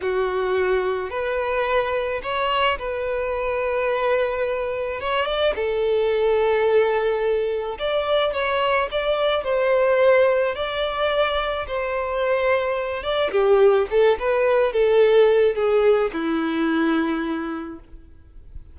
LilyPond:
\new Staff \with { instrumentName = "violin" } { \time 4/4 \tempo 4 = 108 fis'2 b'2 | cis''4 b'2.~ | b'4 cis''8 d''8 a'2~ | a'2 d''4 cis''4 |
d''4 c''2 d''4~ | d''4 c''2~ c''8 d''8 | g'4 a'8 b'4 a'4. | gis'4 e'2. | }